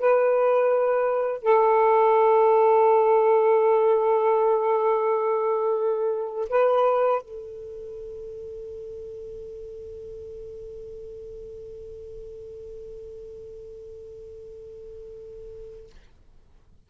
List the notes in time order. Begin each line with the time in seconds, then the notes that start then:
0.00 B4
1.43 A4
6.50 B4
7.22 A4